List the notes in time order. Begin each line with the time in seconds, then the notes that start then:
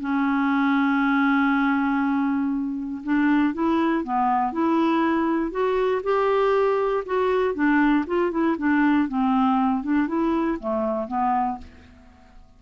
0.00 C#4
3.04 D4
3.54 E4
4.04 B3
4.52 E4
5.51 F#4
6.03 G4
7.05 F#4
7.54 D4
8.07 F4
8.31 E4
8.58 D4
9.08 C4
9.83 D4
10.07 E4
10.60 A3
11.07 B3